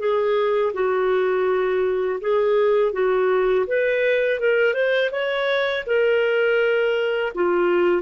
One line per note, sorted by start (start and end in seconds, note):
0.00 0.73 G#4
0.74 2.20 F#4
2.21 2.93 G#4
2.93 3.66 F#4
3.67 4.40 B4
4.40 4.74 A#4
4.74 5.11 C5
5.12 5.85 C#5
5.86 7.33 A#4
7.35 8.03 F4